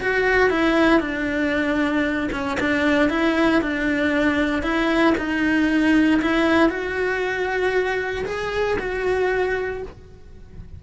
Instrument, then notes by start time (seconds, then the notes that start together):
cello
0.00 F#4
0.50 E4
1.00 D4
2.32 C#4
2.60 D4
3.10 E4
3.62 D4
4.62 E4
5.17 D#4
6.21 E4
6.69 F#4
8.25 G#4
8.79 F#4